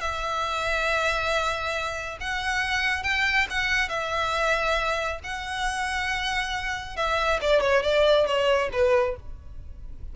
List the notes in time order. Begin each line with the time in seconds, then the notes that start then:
0.00 E5
2.20 F#5
3.03 G5
3.50 F#5
3.89 E5
5.23 F#5
6.96 E5
7.41 D5
7.61 C#5
7.83 D5
8.26 C#5
8.72 B4